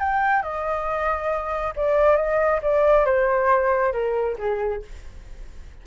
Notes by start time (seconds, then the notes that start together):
0.00 G5
0.43 D#5
1.77 D5
2.17 D#5
2.62 D5
3.06 C5
3.93 A#4
4.39 G#4